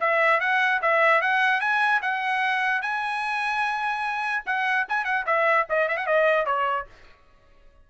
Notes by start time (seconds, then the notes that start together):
0.00 E5
0.40 F#5
0.81 E5
1.21 F#5
1.60 G#5
2.01 F#5
2.81 G#5
4.46 F#5
4.88 G#5
5.04 F#5
5.26 E5
5.69 D#5
5.88 E5
5.97 F#5
6.06 D#5
6.46 C#5